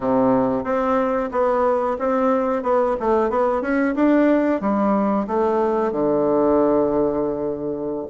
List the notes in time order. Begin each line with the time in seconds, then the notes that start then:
0.00 C3
0.64 C4
1.31 B3
1.98 C4
2.63 B3
3.00 A3
3.30 B3
3.61 C#4
3.95 D4
4.60 G3
5.27 A3
5.92 D3